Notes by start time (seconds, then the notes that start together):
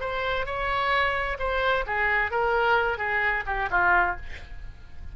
0.00 C5
0.46 C#5
1.39 C5
1.86 G#4
2.31 A#4
2.98 G#4
3.46 G4
3.70 F4